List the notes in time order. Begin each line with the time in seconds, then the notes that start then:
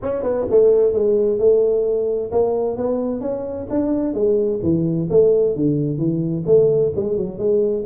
0.02 C#4
0.22 B3
0.50 A3
0.92 G#3
1.38 A3
2.31 A#3
2.77 B3
3.20 C#4
3.70 D4
4.13 G#3
4.62 E3
5.10 A3
5.55 D3
5.98 E3
6.46 A3
6.95 G#3
7.16 F#3
7.38 G#3